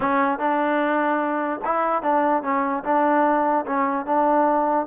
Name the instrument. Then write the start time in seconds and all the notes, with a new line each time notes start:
trombone
0.00 C#4
0.39 D4
1.64 E4
2.02 D4
2.43 C#4
2.84 D4
3.66 C#4
4.05 D4